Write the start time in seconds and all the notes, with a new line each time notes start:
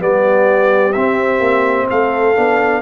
0.00 G3 B3 G4 D5
0.93 C4 E5
1.40 A#3
1.89 A3 A4 F5
2.36 B3 D4